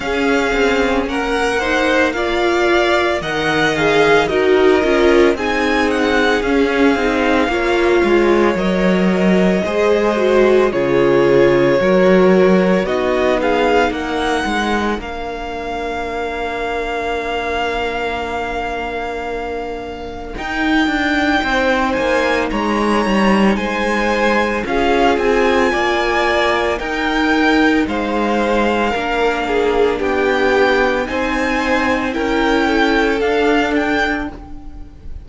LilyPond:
<<
  \new Staff \with { instrumentName = "violin" } { \time 4/4 \tempo 4 = 56 f''4 fis''4 f''4 fis''8 f''8 | dis''4 gis''8 fis''8 f''2 | dis''2 cis''2 | dis''8 f''8 fis''4 f''2~ |
f''2. g''4~ | g''8 gis''8 ais''4 gis''4 f''8 gis''8~ | gis''4 g''4 f''2 | g''4 gis''4 g''4 f''8 g''8 | }
  \new Staff \with { instrumentName = "violin" } { \time 4/4 gis'4 ais'8 c''8 d''4 dis''4 | ais'4 gis'2 cis''4~ | cis''4 c''4 gis'4 ais'4 | fis'8 gis'8 ais'2.~ |
ais'1 | c''4 cis''4 c''4 gis'4 | d''4 ais'4 c''4 ais'8 gis'8 | g'4 c''4 ais'8 a'4. | }
  \new Staff \with { instrumentName = "viola" } { \time 4/4 cis'4. dis'8 f'4 ais'8 gis'8 | fis'8 f'8 dis'4 cis'8 dis'8 f'4 | ais'4 gis'8 fis'8 f'4 fis'4 | dis'2 d'2~ |
d'2. dis'4~ | dis'2. f'4~ | f'4 dis'2 d'4~ | d'4 dis'4 e'4 d'4 | }
  \new Staff \with { instrumentName = "cello" } { \time 4/4 cis'8 c'8 ais2 dis4 | dis'8 cis'8 c'4 cis'8 c'8 ais8 gis8 | fis4 gis4 cis4 fis4 | b4 ais8 gis8 ais2~ |
ais2. dis'8 d'8 | c'8 ais8 gis8 g8 gis4 cis'8 c'8 | ais4 dis'4 gis4 ais4 | b4 c'4 cis'4 d'4 | }
>>